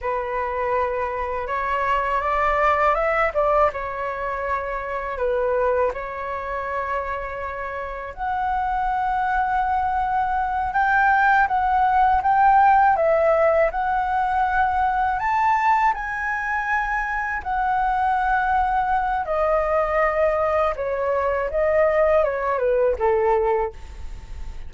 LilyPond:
\new Staff \with { instrumentName = "flute" } { \time 4/4 \tempo 4 = 81 b'2 cis''4 d''4 | e''8 d''8 cis''2 b'4 | cis''2. fis''4~ | fis''2~ fis''8 g''4 fis''8~ |
fis''8 g''4 e''4 fis''4.~ | fis''8 a''4 gis''2 fis''8~ | fis''2 dis''2 | cis''4 dis''4 cis''8 b'8 a'4 | }